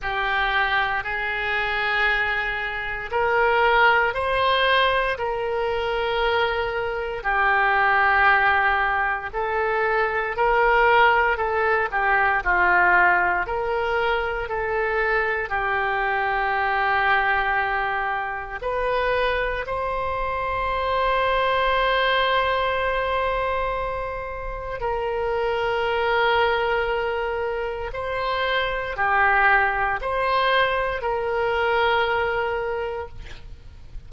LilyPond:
\new Staff \with { instrumentName = "oboe" } { \time 4/4 \tempo 4 = 58 g'4 gis'2 ais'4 | c''4 ais'2 g'4~ | g'4 a'4 ais'4 a'8 g'8 | f'4 ais'4 a'4 g'4~ |
g'2 b'4 c''4~ | c''1 | ais'2. c''4 | g'4 c''4 ais'2 | }